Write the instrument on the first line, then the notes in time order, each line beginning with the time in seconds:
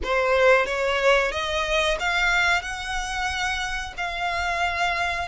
violin
0.03 C5
0.66 C#5
1.31 D#5
1.99 F5
2.61 F#5
3.97 F5